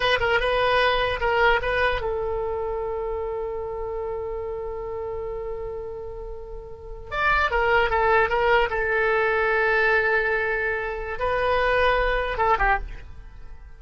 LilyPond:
\new Staff \with { instrumentName = "oboe" } { \time 4/4 \tempo 4 = 150 b'8 ais'8 b'2 ais'4 | b'4 a'2.~ | a'1~ | a'1~ |
a'4.~ a'16 d''4 ais'4 a'16~ | a'8. ais'4 a'2~ a'16~ | a'1 | b'2. a'8 g'8 | }